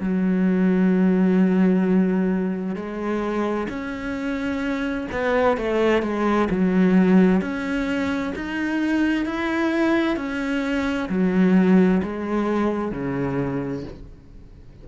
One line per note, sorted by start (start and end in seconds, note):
0.00 2.76 F#3
2.76 3.68 G#3
3.69 5.07 C#4
5.11 5.58 B3
5.58 6.02 A3
6.02 6.48 G#3
6.50 7.41 F#3
7.41 8.33 C#4
8.36 9.26 D#4
9.26 10.17 E4
10.17 11.09 C#4
11.09 12.02 F#3
12.03 12.91 G#3
12.91 13.84 C#3